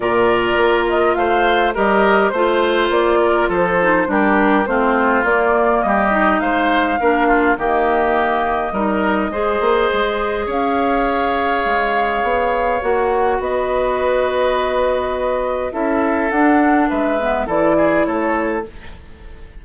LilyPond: <<
  \new Staff \with { instrumentName = "flute" } { \time 4/4 \tempo 4 = 103 d''4. dis''8 f''4 dis''4 | c''4 d''4 c''4 ais'4 | c''4 d''4 dis''4 f''4~ | f''4 dis''2.~ |
dis''2 f''2~ | f''2 fis''4 dis''4~ | dis''2. e''4 | fis''4 e''4 d''4 cis''4 | }
  \new Staff \with { instrumentName = "oboe" } { \time 4/4 ais'2 c''4 ais'4 | c''4. ais'8 a'4 g'4 | f'2 g'4 c''4 | ais'8 f'8 g'2 ais'4 |
c''2 cis''2~ | cis''2. b'4~ | b'2. a'4~ | a'4 b'4 a'8 gis'8 a'4 | }
  \new Staff \with { instrumentName = "clarinet" } { \time 4/4 f'2. g'4 | f'2~ f'8 dis'8 d'4 | c'4 ais4. dis'4. | d'4 ais2 dis'4 |
gis'1~ | gis'2 fis'2~ | fis'2. e'4 | d'4. b8 e'2 | }
  \new Staff \with { instrumentName = "bassoon" } { \time 4/4 ais,4 ais4 a4 g4 | a4 ais4 f4 g4 | a4 ais4 g4 gis4 | ais4 dis2 g4 |
gis8 ais8 gis4 cis'2 | gis4 b4 ais4 b4~ | b2. cis'4 | d'4 gis4 e4 a4 | }
>>